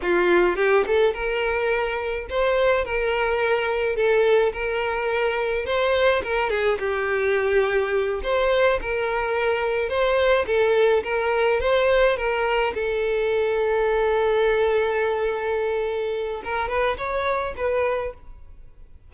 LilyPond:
\new Staff \with { instrumentName = "violin" } { \time 4/4 \tempo 4 = 106 f'4 g'8 a'8 ais'2 | c''4 ais'2 a'4 | ais'2 c''4 ais'8 gis'8 | g'2~ g'8 c''4 ais'8~ |
ais'4. c''4 a'4 ais'8~ | ais'8 c''4 ais'4 a'4.~ | a'1~ | a'4 ais'8 b'8 cis''4 b'4 | }